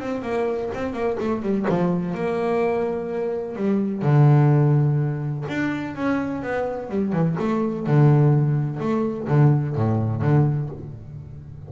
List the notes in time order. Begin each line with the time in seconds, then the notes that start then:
0.00 C4
0.23 A#3
0.74 C4
0.93 A#3
1.20 A3
1.42 G3
1.69 F3
2.15 A#3
3.56 G3
4.02 D3
5.49 D4
5.95 C#4
6.43 B3
6.89 G3
7.13 E3
7.39 A3
7.87 D3
8.80 A3
9.28 D3
9.76 A2
10.22 D3